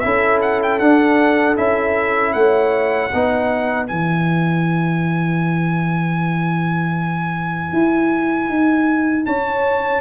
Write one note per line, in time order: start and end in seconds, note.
0.00 0.81 C#4
0.00 0.81 E4
0.00 2.36 A4
0.00 0.38 E5
0.42 0.61 F#5
0.63 0.80 G5
0.80 1.58 D4
0.80 1.57 D4
0.80 1.57 F#5
1.57 2.35 C#4
1.57 3.11 E4
1.57 2.33 E5
2.33 3.12 A3
2.33 3.13 C#5
2.33 3.87 F#5
3.13 3.91 B3
3.13 3.88 D#4
3.13 9.27 B4
3.87 7.73 E3
3.87 10.02 E4
3.87 9.26 G#5
7.73 8.49 E4
8.49 9.26 D#4
9.26 10.02 C#4
9.26 10.02 C#5
9.26 10.02 A5